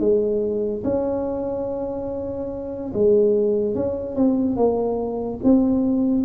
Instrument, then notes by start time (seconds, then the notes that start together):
tuba
0.00 G#3
0.84 C#4
2.94 G#3
3.75 C#4
4.16 C4
4.57 A#3
5.44 C4